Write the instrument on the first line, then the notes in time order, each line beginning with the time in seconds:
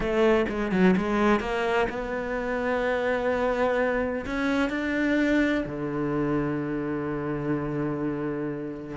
cello
0.00 A3
0.48 G#3
0.71 F#3
0.97 G#3
1.40 A#3
1.89 B3
4.25 C#4
4.69 D4
5.66 D3